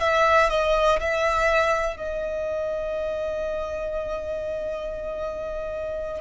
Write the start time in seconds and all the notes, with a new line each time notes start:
0.00 E5
0.49 D#5
1.00 E5
1.97 D#5